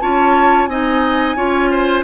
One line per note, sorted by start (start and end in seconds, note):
0.00 0.68 C#4
0.00 0.69 F4
0.00 0.70 C#5
0.00 0.67 A5
0.67 1.36 C4
0.67 1.37 D#4
0.67 1.37 D#5
0.67 2.03 G#5
1.36 2.04 C#4
1.36 2.04 F4
1.36 1.71 C#5
1.71 2.04 C5